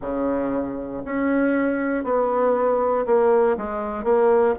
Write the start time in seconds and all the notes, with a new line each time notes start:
0.01 C#3
1.04 C#4
2.03 B3
3.06 A#3
3.57 G#3
4.04 A#3